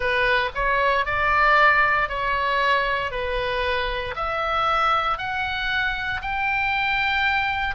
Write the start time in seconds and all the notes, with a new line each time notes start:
0.00 B4
0.55 C#5
1.05 D5
2.08 C#5
3.11 B4
4.15 E5
5.17 F#5
6.21 G5